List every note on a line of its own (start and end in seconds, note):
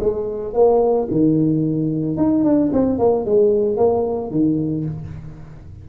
0.00 0.54 G#3
0.54 1.08 A#3
1.11 2.17 D#3
2.17 2.44 D#4
2.44 2.71 D4
2.73 2.99 C4
2.99 3.25 A#3
3.25 3.77 G#3
3.77 4.31 A#3
4.31 4.85 D#3